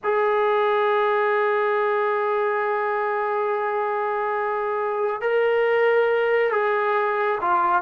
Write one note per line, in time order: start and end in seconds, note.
0.03 5.21 G#4
5.21 6.51 A#4
6.51 7.38 G#4
7.41 7.82 F4